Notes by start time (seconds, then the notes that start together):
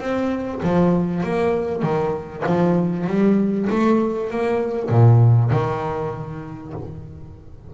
0.00 C4
0.63 F3
1.24 A#3
1.83 D#3
2.47 F3
3.07 G3
3.70 A3
4.31 A#3
4.90 A#2
5.51 D#3